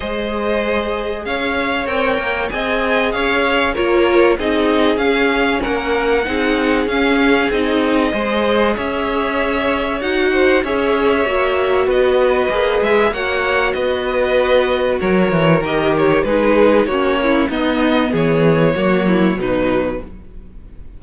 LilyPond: <<
  \new Staff \with { instrumentName = "violin" } { \time 4/4 \tempo 4 = 96 dis''2 f''4 g''4 | gis''4 f''4 cis''4 dis''4 | f''4 fis''2 f''4 | dis''2 e''2 |
fis''4 e''2 dis''4~ | dis''8 e''8 fis''4 dis''2 | cis''4 dis''8 cis''8 b'4 cis''4 | dis''4 cis''2 b'4 | }
  \new Staff \with { instrumentName = "violin" } { \time 4/4 c''2 cis''2 | dis''4 cis''4 ais'4 gis'4~ | gis'4 ais'4 gis'2~ | gis'4 c''4 cis''2~ |
cis''8 c''8 cis''2 b'4~ | b'4 cis''4 b'2 | ais'2 gis'4 fis'8 e'8 | dis'4 gis'4 fis'8 e'8 dis'4 | }
  \new Staff \with { instrumentName = "viola" } { \time 4/4 gis'2. ais'4 | gis'2 f'4 dis'4 | cis'2 dis'4 cis'4 | dis'4 gis'2. |
fis'4 gis'4 fis'2 | gis'4 fis'2.~ | fis'4 g'4 dis'4 cis'4 | b2 ais4 fis4 | }
  \new Staff \with { instrumentName = "cello" } { \time 4/4 gis2 cis'4 c'8 ais8 | c'4 cis'4 ais4 c'4 | cis'4 ais4 c'4 cis'4 | c'4 gis4 cis'2 |
dis'4 cis'4 ais4 b4 | ais8 gis8 ais4 b2 | fis8 e8 dis4 gis4 ais4 | b4 e4 fis4 b,4 | }
>>